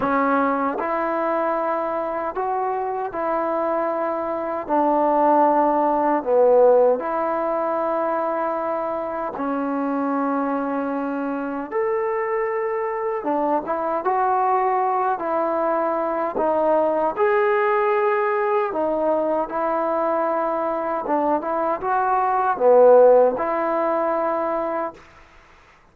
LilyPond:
\new Staff \with { instrumentName = "trombone" } { \time 4/4 \tempo 4 = 77 cis'4 e'2 fis'4 | e'2 d'2 | b4 e'2. | cis'2. a'4~ |
a'4 d'8 e'8 fis'4. e'8~ | e'4 dis'4 gis'2 | dis'4 e'2 d'8 e'8 | fis'4 b4 e'2 | }